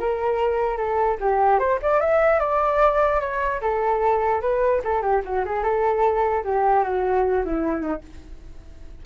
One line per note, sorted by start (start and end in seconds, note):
0.00 0.78 A#4
0.78 1.18 A4
1.21 1.59 G4
1.59 1.80 C5
1.82 2.01 D5
2.01 2.40 E5
2.40 3.21 D5
3.21 3.61 C#5
3.61 4.42 A4
4.42 4.82 B4
4.84 5.02 A4
5.02 5.23 G4
5.25 5.45 F#4
5.46 5.63 G#4
5.63 6.44 A4
6.44 6.84 G4
6.84 7.44 F#4
7.45 7.82 E4
7.82 8.02 D#4